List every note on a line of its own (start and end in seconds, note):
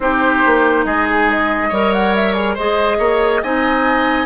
0.00 0.43 C4
0.00 1.72 D#4
0.00 0.85 G4
0.00 0.85 C5
0.46 0.85 A#3
0.85 1.71 G#3
0.85 1.69 G#4
0.85 1.06 D#5
1.09 1.30 G#4
1.30 1.93 D#5
1.69 2.56 G3
1.69 2.58 A#4
1.69 2.54 C#5
1.93 2.14 F#5
2.15 2.33 E5
2.33 2.55 G#4
2.54 2.99 G#3
2.54 3.44 G#4
2.54 2.97 C5
2.54 3.42 D#5
2.98 3.41 A#3
2.98 3.41 C#5
3.42 4.26 C4
3.42 4.26 D#4
3.42 4.26 D#5
3.42 4.26 G#5